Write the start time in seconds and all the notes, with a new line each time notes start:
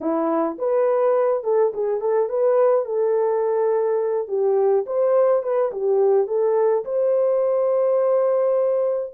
0.00 E4
0.58 B4
1.43 A4
1.74 G#4
2.01 A4
2.29 B4
2.85 A4
4.28 G4
4.86 C5
5.43 B4
5.71 G4
6.27 A4
6.84 C5